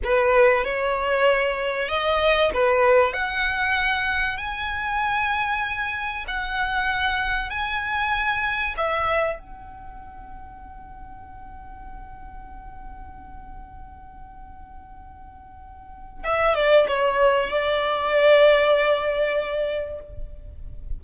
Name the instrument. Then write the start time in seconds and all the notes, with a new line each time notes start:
violin
0.03 B4
0.64 C#5
1.88 D#5
2.54 B4
3.13 F#5
4.37 G#5
6.27 F#5
7.49 G#5
8.77 E5
9.39 F#5
16.23 E5
16.55 D5
16.88 C#5
17.50 D5